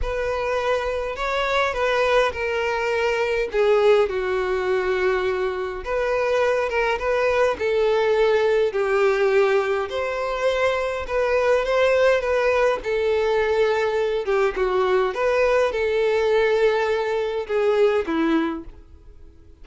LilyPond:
\new Staff \with { instrumentName = "violin" } { \time 4/4 \tempo 4 = 103 b'2 cis''4 b'4 | ais'2 gis'4 fis'4~ | fis'2 b'4. ais'8 | b'4 a'2 g'4~ |
g'4 c''2 b'4 | c''4 b'4 a'2~ | a'8 g'8 fis'4 b'4 a'4~ | a'2 gis'4 e'4 | }